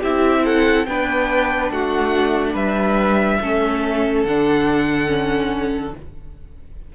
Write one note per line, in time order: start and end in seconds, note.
0.00 0.86 C4
0.00 0.86 E4
0.00 0.42 G4
0.00 0.45 E5
0.44 0.86 A4
0.44 0.85 F#5
0.85 1.70 B3
0.85 3.42 D4
0.85 1.72 B4
0.85 1.70 G5
1.70 2.54 A3
1.70 2.53 F#4
1.70 2.55 F#5
2.53 3.38 G3
2.53 3.37 B4
2.53 4.24 E5
3.40 4.24 A3
3.40 4.26 C#4
3.40 5.95 A4
4.24 5.93 D3
4.24 5.06 D4
4.24 5.93 F#5
5.06 5.91 C#4